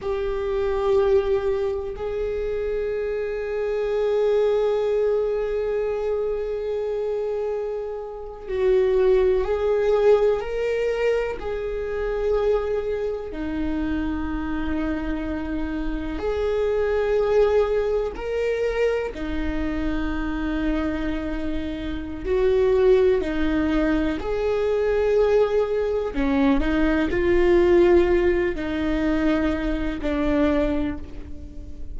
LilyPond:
\new Staff \with { instrumentName = "viola" } { \time 4/4 \tempo 4 = 62 g'2 gis'2~ | gis'1~ | gis'8. fis'4 gis'4 ais'4 gis'16~ | gis'4.~ gis'16 dis'2~ dis'16~ |
dis'8. gis'2 ais'4 dis'16~ | dis'2. fis'4 | dis'4 gis'2 cis'8 dis'8 | f'4. dis'4. d'4 | }